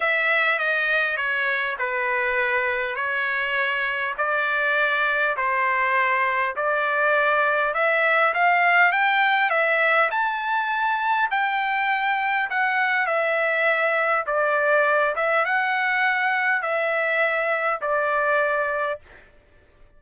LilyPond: \new Staff \with { instrumentName = "trumpet" } { \time 4/4 \tempo 4 = 101 e''4 dis''4 cis''4 b'4~ | b'4 cis''2 d''4~ | d''4 c''2 d''4~ | d''4 e''4 f''4 g''4 |
e''4 a''2 g''4~ | g''4 fis''4 e''2 | d''4. e''8 fis''2 | e''2 d''2 | }